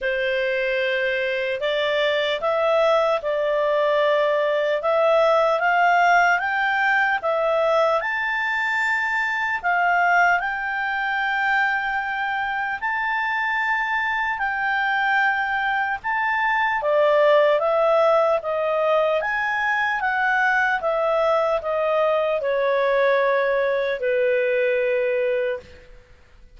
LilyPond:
\new Staff \with { instrumentName = "clarinet" } { \time 4/4 \tempo 4 = 75 c''2 d''4 e''4 | d''2 e''4 f''4 | g''4 e''4 a''2 | f''4 g''2. |
a''2 g''2 | a''4 d''4 e''4 dis''4 | gis''4 fis''4 e''4 dis''4 | cis''2 b'2 | }